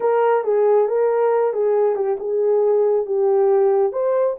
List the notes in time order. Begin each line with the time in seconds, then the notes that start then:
0.00 A#4
0.44 G#4
0.88 A#4
1.53 G#4
1.95 G4
2.19 G#4
3.06 G4
3.92 C5